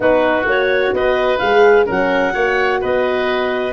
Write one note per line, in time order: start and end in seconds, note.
0.00 0.44 B3
0.00 0.45 D#4
0.00 0.94 F#4
0.00 0.48 B4
0.44 0.91 A#3
0.44 1.39 F#4
0.44 0.95 C#5
0.92 1.39 B3
0.92 1.85 B4
0.92 1.38 D#5
1.38 1.88 G#3
1.38 1.86 G#4
1.38 1.85 F5
1.85 2.35 F#3
1.85 2.32 C#4
1.85 2.32 A#4
1.85 2.82 F#5
2.32 2.82 A#3
2.32 3.73 F#4
2.32 2.80 C#5
2.81 3.73 B3
2.81 3.73 B4
2.81 3.73 D#5